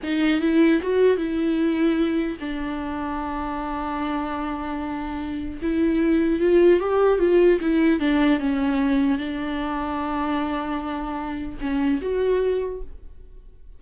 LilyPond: \new Staff \with { instrumentName = "viola" } { \time 4/4 \tempo 4 = 150 dis'4 e'4 fis'4 e'4~ | e'2 d'2~ | d'1~ | d'2 e'2 |
f'4 g'4 f'4 e'4 | d'4 cis'2 d'4~ | d'1~ | d'4 cis'4 fis'2 | }